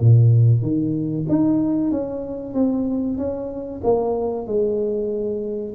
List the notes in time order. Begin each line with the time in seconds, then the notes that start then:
0.00 A#2
0.62 D#3
1.29 D#4
1.91 C#4
2.54 C4
3.18 C#4
3.84 A#3
4.47 G#3